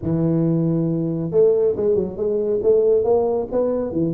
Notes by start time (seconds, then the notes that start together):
0.02 E3
1.31 A3
1.76 G#3
1.95 F#3
2.16 G#3
2.62 A3
3.04 A#3
3.51 B3
3.92 E3